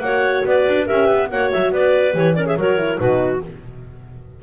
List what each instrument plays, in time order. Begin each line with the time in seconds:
0.00 double bass A#3, horn F#4, clarinet C#5 F#5
0.45 double bass B3, clarinet B4 D5
0.68 double bass D4
0.86 double bass C#4, horn G4, clarinet A#4 E5
1.06 double bass B3, clarinet B4
1.30 double bass A#3, horn F#4, clarinet C#5 F#5
1.52 double bass F#3, clarinet E5
1.72 double bass B3, clarinet B4 D5
2.13 double bass E3, horn G4, clarinet C#5
2.34 horn C#4, clarinet A#4 D5
2.46 clarinet G#4 E5
2.57 double bass F#3, horn F#4, clarinet A#4 C#5
2.78 horn E4
2.98 double bass B2, horn D#4, clarinet F#4 B4